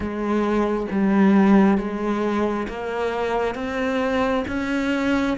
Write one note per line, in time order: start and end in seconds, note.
0.00 0.87 G#3
0.91 1.77 G3
1.77 2.67 G#3
2.68 3.54 A#3
3.54 4.44 C4
4.47 5.37 C#4